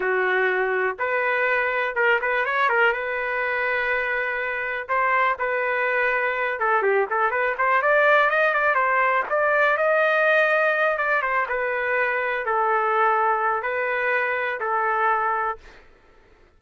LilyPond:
\new Staff \with { instrumentName = "trumpet" } { \time 4/4 \tempo 4 = 123 fis'2 b'2 | ais'8 b'8 cis''8 ais'8 b'2~ | b'2 c''4 b'4~ | b'4. a'8 g'8 a'8 b'8 c''8 |
d''4 dis''8 d''8 c''4 d''4 | dis''2~ dis''8 d''8 c''8 b'8~ | b'4. a'2~ a'8 | b'2 a'2 | }